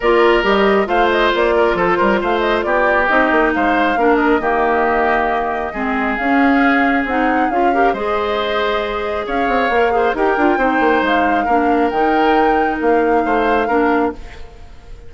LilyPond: <<
  \new Staff \with { instrumentName = "flute" } { \time 4/4 \tempo 4 = 136 d''4 dis''4 f''8 dis''8 d''4 | c''4 f''8 dis''8 d''4 dis''4 | f''4. dis''2~ dis''8~ | dis''2 f''2 |
fis''4 f''4 dis''2~ | dis''4 f''2 g''4~ | g''4 f''2 g''4~ | g''4 f''2. | }
  \new Staff \with { instrumentName = "oboe" } { \time 4/4 ais'2 c''4. ais'8 | a'8 ais'8 c''4 g'2 | c''4 ais'4 g'2~ | g'4 gis'2.~ |
gis'4. ais'8 c''2~ | c''4 cis''4. c''8 ais'4 | c''2 ais'2~ | ais'2 c''4 ais'4 | }
  \new Staff \with { instrumentName = "clarinet" } { \time 4/4 f'4 g'4 f'2~ | f'2. dis'4~ | dis'4 d'4 ais2~ | ais4 c'4 cis'2 |
dis'4 f'8 g'8 gis'2~ | gis'2 ais'8 gis'8 g'8 f'8 | dis'2 d'4 dis'4~ | dis'2. d'4 | }
  \new Staff \with { instrumentName = "bassoon" } { \time 4/4 ais4 g4 a4 ais4 | f8 g8 a4 b4 c'8 ais8 | gis4 ais4 dis2~ | dis4 gis4 cis'2 |
c'4 cis'4 gis2~ | gis4 cis'8 c'8 ais4 dis'8 d'8 | c'8 ais8 gis4 ais4 dis4~ | dis4 ais4 a4 ais4 | }
>>